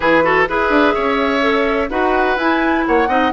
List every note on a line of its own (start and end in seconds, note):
0.00 0.47 E3
0.00 0.22 E4
0.00 0.23 G#4
0.00 0.46 B4
0.22 0.46 F#4
0.22 0.48 A4
0.48 0.69 E4
0.48 1.41 G#4
0.48 0.94 B4
0.48 1.89 E5
0.69 0.93 D4
0.94 1.89 C#4
0.94 1.89 C#5
1.41 1.88 A4
1.89 2.36 D#4
1.89 2.37 F#4
1.89 2.85 B4
1.89 2.37 F#5
2.36 2.83 E4
2.36 3.08 E4
2.36 2.85 G#5
2.86 3.08 A#3
2.86 3.08 C#5
2.86 3.32 F#5
3.08 3.31 C4
3.08 3.32 D#4
3.08 3.32 D#5